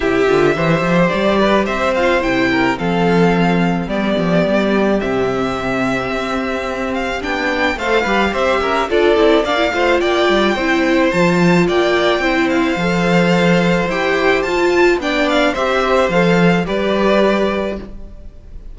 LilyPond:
<<
  \new Staff \with { instrumentName = "violin" } { \time 4/4 \tempo 4 = 108 e''2 d''4 e''8 f''8 | g''4 f''2 d''4~ | d''4 e''2.~ | e''8 f''8 g''4 f''4 e''4 |
d''4 f''4 g''2 | a''4 g''4. f''4.~ | f''4 g''4 a''4 g''8 f''8 | e''4 f''4 d''2 | }
  \new Staff \with { instrumentName = "violin" } { \time 4/4 g'4 c''4. b'8 c''4~ | c''8 ais'8 a'2 g'4~ | g'1~ | g'2 c''8 b'8 c''8 ais'8 |
a'4 d''8 c''8 d''4 c''4~ | c''4 d''4 c''2~ | c''2. d''4 | c''2 b'2 | }
  \new Staff \with { instrumentName = "viola" } { \time 4/4 e'8 f'8 g'2~ g'8 f'8 | e'4 c'2 b4~ | b4 c'2.~ | c'4 d'4 a'8 g'4. |
f'8 e'8 d'16 e'16 f'4. e'4 | f'2 e'4 a'4~ | a'4 g'4 f'4 d'4 | g'4 a'4 g'2 | }
  \new Staff \with { instrumentName = "cello" } { \time 4/4 c8 d8 e8 f8 g4 c'4 | c4 f2 g8 f8 | g4 c2 c'4~ | c'4 b4 a8 g8 c'8 cis'8 |
d'8 c'8 ais8 a8 ais8 g8 c'4 | f4 ais4 c'4 f4~ | f4 e'4 f'4 b4 | c'4 f4 g2 | }
>>